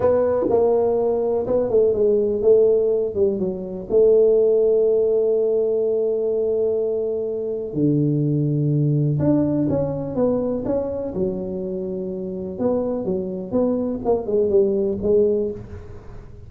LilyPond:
\new Staff \with { instrumentName = "tuba" } { \time 4/4 \tempo 4 = 124 b4 ais2 b8 a8 | gis4 a4. g8 fis4 | a1~ | a1 |
d2. d'4 | cis'4 b4 cis'4 fis4~ | fis2 b4 fis4 | b4 ais8 gis8 g4 gis4 | }